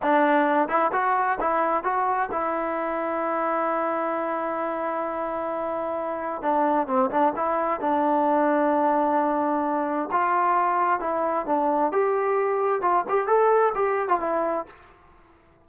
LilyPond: \new Staff \with { instrumentName = "trombone" } { \time 4/4 \tempo 4 = 131 d'4. e'8 fis'4 e'4 | fis'4 e'2.~ | e'1~ | e'2 d'4 c'8 d'8 |
e'4 d'2.~ | d'2 f'2 | e'4 d'4 g'2 | f'8 g'8 a'4 g'8. f'16 e'4 | }